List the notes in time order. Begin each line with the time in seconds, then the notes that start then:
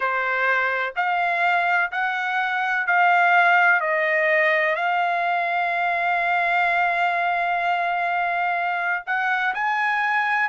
0.00 C5
0.95 F5
1.91 F#5
2.86 F5
3.80 D#5
4.75 F5
9.06 F#5
9.54 G#5